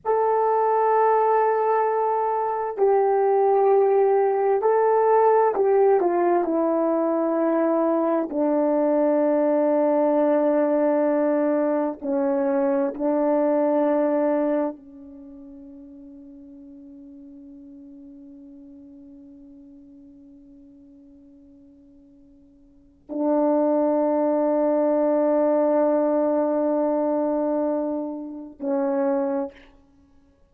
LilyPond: \new Staff \with { instrumentName = "horn" } { \time 4/4 \tempo 4 = 65 a'2. g'4~ | g'4 a'4 g'8 f'8 e'4~ | e'4 d'2.~ | d'4 cis'4 d'2 |
cis'1~ | cis'1~ | cis'4 d'2.~ | d'2. cis'4 | }